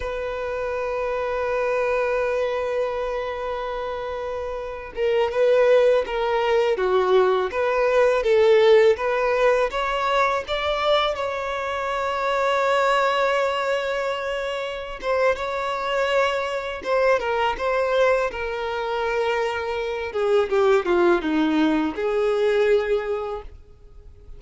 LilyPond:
\new Staff \with { instrumentName = "violin" } { \time 4/4 \tempo 4 = 82 b'1~ | b'2~ b'8. ais'8 b'8.~ | b'16 ais'4 fis'4 b'4 a'8.~ | a'16 b'4 cis''4 d''4 cis''8.~ |
cis''1~ | cis''8 c''8 cis''2 c''8 ais'8 | c''4 ais'2~ ais'8 gis'8 | g'8 f'8 dis'4 gis'2 | }